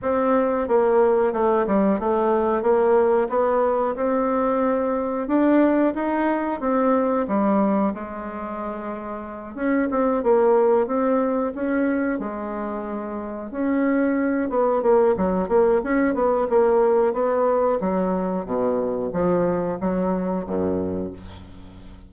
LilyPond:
\new Staff \with { instrumentName = "bassoon" } { \time 4/4 \tempo 4 = 91 c'4 ais4 a8 g8 a4 | ais4 b4 c'2 | d'4 dis'4 c'4 g4 | gis2~ gis8 cis'8 c'8 ais8~ |
ais8 c'4 cis'4 gis4.~ | gis8 cis'4. b8 ais8 fis8 ais8 | cis'8 b8 ais4 b4 fis4 | b,4 f4 fis4 fis,4 | }